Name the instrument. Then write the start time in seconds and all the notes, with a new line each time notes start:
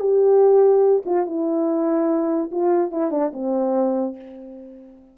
horn
0.00 G4
1.06 F4
1.27 E4
2.51 F4
2.92 E4
3.11 D4
3.33 C4